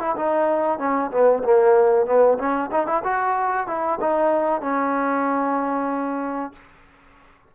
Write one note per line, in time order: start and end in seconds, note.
0.00 0.16 E4
0.16 0.79 D#4
0.79 1.11 C#4
1.11 1.43 B3
1.44 2.06 A#3
2.06 2.38 B3
2.38 2.70 C#4
2.72 2.87 D#4
2.87 3.03 E4
3.04 3.67 F#4
3.67 3.99 E4
4.01 4.62 D#4
4.62 6.53 C#4